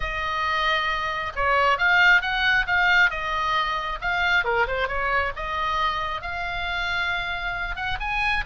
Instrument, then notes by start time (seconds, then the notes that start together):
oboe
0.00 D#5
1.35 C#5
1.78 F5
2.21 F#5
2.66 F5
3.10 D#5
4.01 F5
4.44 A#4
4.67 C5
4.87 C#5
5.36 D#5
6.21 F5
7.76 F#5
8.00 G#5